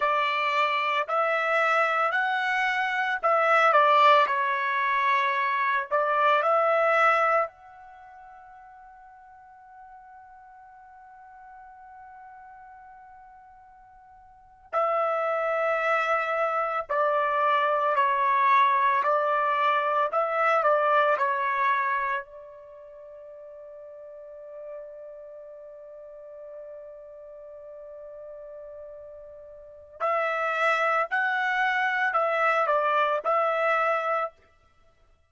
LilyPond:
\new Staff \with { instrumentName = "trumpet" } { \time 4/4 \tempo 4 = 56 d''4 e''4 fis''4 e''8 d''8 | cis''4. d''8 e''4 fis''4~ | fis''1~ | fis''4.~ fis''16 e''2 d''16~ |
d''8. cis''4 d''4 e''8 d''8 cis''16~ | cis''8. d''2.~ d''16~ | d''1 | e''4 fis''4 e''8 d''8 e''4 | }